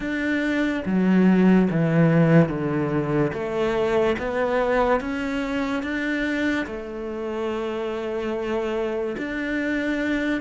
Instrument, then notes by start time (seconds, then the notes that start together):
cello
0.00 D4
0.85 F#3
1.70 E3
2.48 D3
3.33 A3
4.18 B3
5.00 C#4
5.83 D4
6.66 A3
9.17 D4